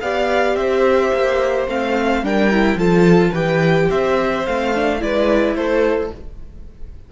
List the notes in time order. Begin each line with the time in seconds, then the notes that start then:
0.00 B3 G4 D5 F5
0.55 C4 C5 E5
1.13 A#3
1.67 A3 C4 F5
2.22 G3 D4 A#4 G5
2.50 E4
2.74 F3 F4 A4 A5
3.31 E3 G4 B4 G5
3.89 C4 C5 E5
4.46 A3 C4 F5
4.75 D4
4.99 G#3 E4 B4 D5
5.55 A3 A4 C5